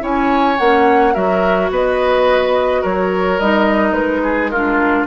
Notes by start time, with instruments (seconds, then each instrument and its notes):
0.00 bassoon C#4, clarinet E4, oboe C#5, flute G#5
0.59 bassoon A#3, clarinet C#4, flute F#5
1.14 bassoon F#3, clarinet F#4, oboe A#4, flute E5
1.70 bassoon B3, oboe B4, flute D#5
2.81 bassoon F#3, oboe A#4, flute C#5
3.39 bassoon G3, clarinet D#4, flute D#5
3.92 bassoon G#3, flute B4
4.23 oboe G#4
4.50 clarinet D4, oboe F4, flute A#4